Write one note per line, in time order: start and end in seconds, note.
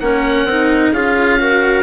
0.00 0.44 A#3
0.00 0.49 C#4
0.00 0.93 A#4
0.00 0.92 F#5
0.44 0.91 C4
0.44 0.95 D#4
0.92 1.83 C#4
0.92 1.39 F4
0.92 1.39 G#4
0.92 1.83 F5
1.39 1.83 F#4
1.39 1.83 A#4